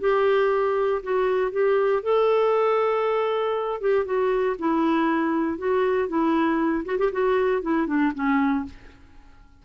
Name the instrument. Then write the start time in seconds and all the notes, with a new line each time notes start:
clarinet
0.00 G4
1.02 F#4
1.51 G4
2.02 A4
3.80 G4
4.05 F#4
4.59 E4
5.58 F#4
6.08 E4
6.85 F#4
6.98 G4
7.12 F#4
7.62 E4
7.87 D4
8.14 C#4